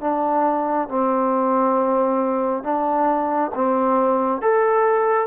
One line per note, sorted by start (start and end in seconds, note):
0.00 0.88 D4
0.88 2.63 C4
2.63 3.51 D4
3.55 4.41 C4
4.41 5.27 A4